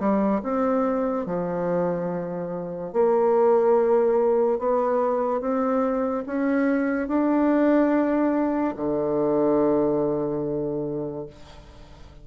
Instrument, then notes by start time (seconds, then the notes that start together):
bassoon
0.00 G3
0.43 C4
1.27 F3
2.93 A#3
4.59 B3
5.41 C4
6.27 C#4
7.08 D4
8.77 D3